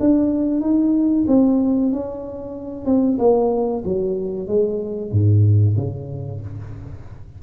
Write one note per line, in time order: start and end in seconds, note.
0.00 0.61 D4
0.61 1.25 D#4
1.28 1.92 C4
1.92 2.86 C#4
2.86 3.18 C4
3.19 3.84 A#3
3.85 4.48 F#3
4.48 5.12 G#3
5.12 5.77 G#2
5.77 6.41 C#3